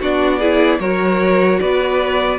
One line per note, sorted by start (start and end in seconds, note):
0.00 0.79 B3
0.00 0.41 D4
0.00 0.39 F#4
0.00 0.80 D5
0.39 0.81 E4
0.39 0.79 G#4
0.79 1.59 F#3
0.79 2.39 F#4
0.79 1.60 A#4
0.79 1.60 C#5
1.60 2.39 B3
1.60 2.39 B4
1.60 2.39 D5